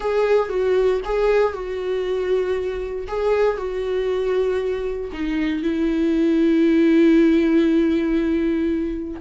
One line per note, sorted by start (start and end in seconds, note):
0.00 0.49 G#4
0.49 1.00 F#4
1.04 1.53 G#4
1.53 3.07 F#4
3.07 3.57 G#4
3.57 5.10 F#4
5.12 5.62 D#4
5.62 9.20 E4